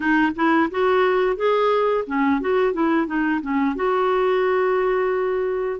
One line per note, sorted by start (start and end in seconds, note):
0.00 0.32 D#4
0.35 0.69 E4
0.70 1.36 F#4
1.36 2.04 G#4
2.06 2.40 C#4
2.40 2.73 F#4
2.73 3.06 E4
3.06 3.40 D#4
3.41 3.75 C#4
3.75 5.80 F#4